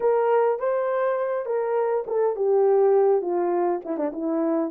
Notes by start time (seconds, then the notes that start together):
0.00 A#4
0.59 C5
1.45 A#4
2.06 A4
2.36 G4
3.21 F4
3.84 E4
3.97 D4
4.12 E4